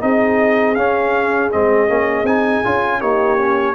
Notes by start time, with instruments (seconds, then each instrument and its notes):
0.00 tuba C4, trombone D#4, horn G#4, trumpet D#5
0.75 tuba C#4, trombone C#4, trumpet F5
1.52 tuba G#3, trombone C4, trumpet D#5
1.88 tuba A#3, trombone C#4
2.23 tuba C4, trombone D#4, trumpet G#5
2.64 tuba C#4, trombone F4
3.00 tuba A#3, trombone D#4, horn G4, trumpet C#5
3.38 trombone C#4